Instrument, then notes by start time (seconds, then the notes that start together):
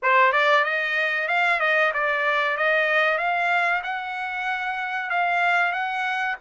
trumpet
0.02 C5
0.32 D5
0.64 D#5
1.28 F5
1.60 D#5
1.93 D5
2.57 D#5
3.18 F5
3.83 F#5
5.10 F5
5.72 F#5